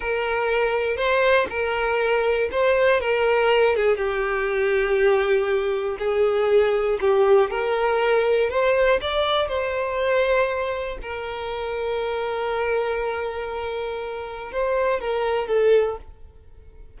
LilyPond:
\new Staff \with { instrumentName = "violin" } { \time 4/4 \tempo 4 = 120 ais'2 c''4 ais'4~ | ais'4 c''4 ais'4. gis'8 | g'1 | gis'2 g'4 ais'4~ |
ais'4 c''4 d''4 c''4~ | c''2 ais'2~ | ais'1~ | ais'4 c''4 ais'4 a'4 | }